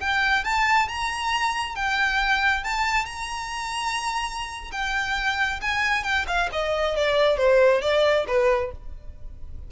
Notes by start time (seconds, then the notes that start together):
0.00 G5
0.44 A5
0.88 A#5
1.75 G5
2.64 A5
3.05 A#5
4.72 G5
5.61 G#5
6.03 G5
6.27 F5
6.52 D#5
6.96 D5
7.37 C5
7.81 D5
8.27 B4